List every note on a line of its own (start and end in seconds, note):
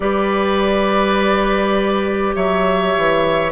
0.00 2.34 G3
0.00 3.51 G4
0.00 2.35 B4
0.00 2.35 D5
2.35 2.95 F#3
2.35 3.52 C#5
2.35 3.52 E5
2.97 3.52 E3